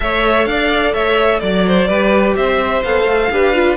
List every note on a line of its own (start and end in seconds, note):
0.00 0.46 A3
0.00 1.88 A4
0.00 0.48 C#5
0.00 0.46 E5
0.46 0.93 D4
0.46 0.93 D5
0.46 0.93 F5
0.93 1.41 A3
0.93 1.40 C#5
0.93 1.39 E5
1.39 1.88 F#3
1.39 2.34 D5
1.39 1.67 D5
1.67 1.88 C5
1.88 2.35 G3
1.88 2.83 G4
1.88 2.35 B4
2.36 2.83 C4
2.36 3.31 C5
2.36 2.83 E5
2.83 3.05 B3
2.83 3.31 A4
2.83 3.76 F5
3.05 3.28 A3
3.31 3.76 D4
3.31 3.54 G4
3.31 3.76 B4
3.54 3.76 F4